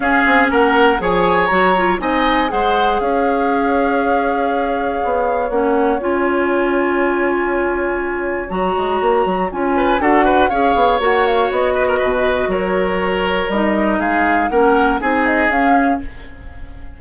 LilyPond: <<
  \new Staff \with { instrumentName = "flute" } { \time 4/4 \tempo 4 = 120 f''4 fis''4 gis''4 ais''4 | gis''4 fis''4 f''2~ | f''2. fis''4 | gis''1~ |
gis''4 ais''2 gis''4 | fis''4 f''4 fis''8 f''8 dis''4~ | dis''4 cis''2 dis''4 | f''4 fis''4 gis''8 dis''8 f''4 | }
  \new Staff \with { instrumentName = "oboe" } { \time 4/4 gis'4 ais'4 cis''2 | dis''4 c''4 cis''2~ | cis''1~ | cis''1~ |
cis''2.~ cis''8 b'8 | a'8 b'8 cis''2~ cis''8 b'16 ais'16 | b'4 ais'2. | gis'4 ais'4 gis'2 | }
  \new Staff \with { instrumentName = "clarinet" } { \time 4/4 cis'2 gis'4 fis'8 f'8 | dis'4 gis'2.~ | gis'2. cis'4 | f'1~ |
f'4 fis'2 f'4 | fis'4 gis'4 fis'2~ | fis'2. dis'4~ | dis'4 cis'4 dis'4 cis'4 | }
  \new Staff \with { instrumentName = "bassoon" } { \time 4/4 cis'8 c'8 ais4 f4 fis4 | c'4 gis4 cis'2~ | cis'2 b4 ais4 | cis'1~ |
cis'4 fis8 gis8 ais8 fis8 cis'4 | d'4 cis'8 b8 ais4 b4 | b,4 fis2 g4 | gis4 ais4 c'4 cis'4 | }
>>